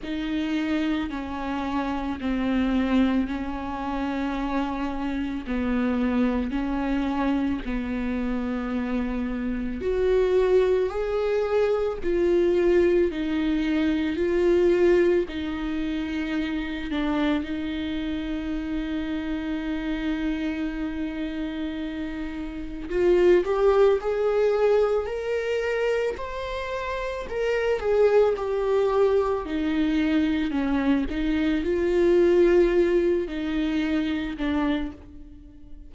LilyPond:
\new Staff \with { instrumentName = "viola" } { \time 4/4 \tempo 4 = 55 dis'4 cis'4 c'4 cis'4~ | cis'4 b4 cis'4 b4~ | b4 fis'4 gis'4 f'4 | dis'4 f'4 dis'4. d'8 |
dis'1~ | dis'4 f'8 g'8 gis'4 ais'4 | c''4 ais'8 gis'8 g'4 dis'4 | cis'8 dis'8 f'4. dis'4 d'8 | }